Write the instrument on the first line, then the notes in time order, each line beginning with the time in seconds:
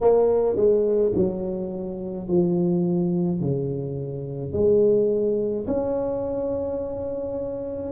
tuba
0.01 A#3
0.56 G#3
1.15 F#3
2.27 F3
3.40 C#3
4.53 G#3
5.67 C#4